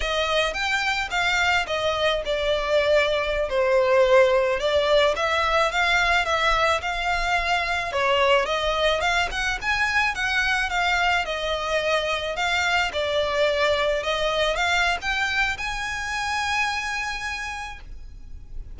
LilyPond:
\new Staff \with { instrumentName = "violin" } { \time 4/4 \tempo 4 = 108 dis''4 g''4 f''4 dis''4 | d''2~ d''16 c''4.~ c''16~ | c''16 d''4 e''4 f''4 e''8.~ | e''16 f''2 cis''4 dis''8.~ |
dis''16 f''8 fis''8 gis''4 fis''4 f''8.~ | f''16 dis''2 f''4 d''8.~ | d''4~ d''16 dis''4 f''8. g''4 | gis''1 | }